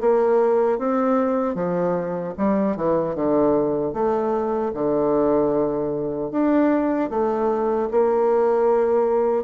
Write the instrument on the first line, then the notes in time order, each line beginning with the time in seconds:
bassoon
0.00 A#3
0.78 C4
1.54 F3
2.37 G3
2.76 E3
3.15 D3
3.93 A3
4.74 D3
6.31 D4
7.10 A3
7.91 A#3